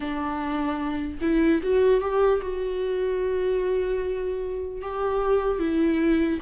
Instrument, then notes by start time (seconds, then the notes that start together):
viola
0.00 D4
1.21 E4
1.62 F#4
2.00 G4
2.41 F#4
4.81 G4
5.59 E4